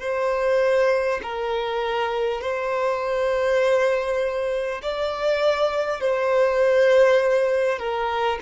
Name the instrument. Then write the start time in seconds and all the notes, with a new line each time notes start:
violin
0.00 C5
1.22 A#4
2.41 C5
4.82 D5
6.00 C5
7.78 A#4